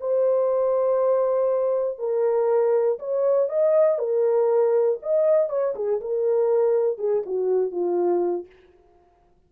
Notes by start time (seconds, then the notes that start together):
0.00 C5
1.98 A#4
2.99 C#5
3.49 D#5
3.98 A#4
5.02 D#5
5.49 C#5
5.75 G#4
6.00 A#4
6.98 G#4
7.26 F#4
7.71 F4